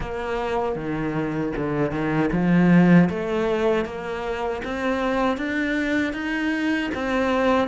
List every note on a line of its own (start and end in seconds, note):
0.00 0.75 A#3
0.75 1.52 D#3
1.56 1.91 D3
1.91 2.29 D#3
2.32 3.09 F3
3.09 3.85 A3
3.85 4.62 A#3
4.64 5.37 C4
5.37 6.13 D4
6.13 6.90 D#4
6.94 7.67 C4